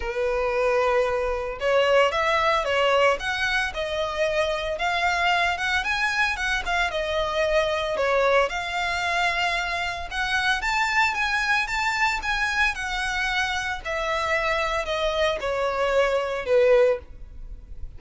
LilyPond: \new Staff \with { instrumentName = "violin" } { \time 4/4 \tempo 4 = 113 b'2. cis''4 | e''4 cis''4 fis''4 dis''4~ | dis''4 f''4. fis''8 gis''4 | fis''8 f''8 dis''2 cis''4 |
f''2. fis''4 | a''4 gis''4 a''4 gis''4 | fis''2 e''2 | dis''4 cis''2 b'4 | }